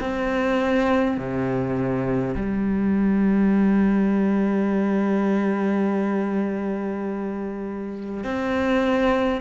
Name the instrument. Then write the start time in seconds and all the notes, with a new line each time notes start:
cello
0.00 C4
1.17 C3
2.35 G3
8.24 C4